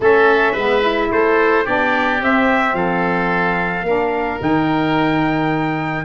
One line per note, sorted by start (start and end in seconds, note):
0.00 0.54 A3
0.00 0.56 C#4
0.00 0.52 A4
0.00 1.11 E5
0.52 1.10 G#3
0.52 0.81 B3
0.52 1.07 B4
0.81 1.64 E4
1.11 1.66 A3
1.11 1.64 A4
1.11 1.66 C5
1.64 2.21 B3
1.64 2.18 D4
1.64 2.74 G4
1.64 2.21 D5
2.18 3.83 C4
2.18 2.73 C4
2.18 2.75 E5
2.73 3.82 F3
2.73 3.86 A4
2.73 4.40 F5
3.82 4.37 A#3
3.82 4.38 D4
3.82 6.05 A#4
4.38 6.05 D#3
4.38 6.03 D#4
4.38 6.05 G5